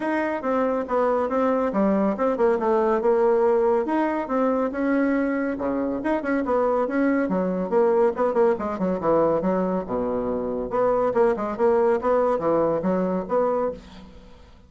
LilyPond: \new Staff \with { instrumentName = "bassoon" } { \time 4/4 \tempo 4 = 140 dis'4 c'4 b4 c'4 | g4 c'8 ais8 a4 ais4~ | ais4 dis'4 c'4 cis'4~ | cis'4 cis4 dis'8 cis'8 b4 |
cis'4 fis4 ais4 b8 ais8 | gis8 fis8 e4 fis4 b,4~ | b,4 b4 ais8 gis8 ais4 | b4 e4 fis4 b4 | }